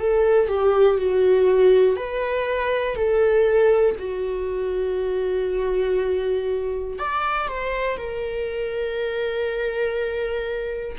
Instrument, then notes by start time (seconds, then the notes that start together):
viola
0.00 A4
0.49 G4
0.98 F#4
1.97 B4
2.96 A4
3.99 F#4
6.99 D5
7.48 C5
7.97 A#4